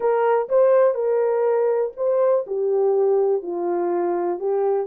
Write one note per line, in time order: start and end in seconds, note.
0.00 0.48 A#4
0.49 0.94 C5
0.94 1.92 A#4
1.96 2.45 C5
2.47 3.42 G4
3.42 4.39 F4
4.39 4.87 G4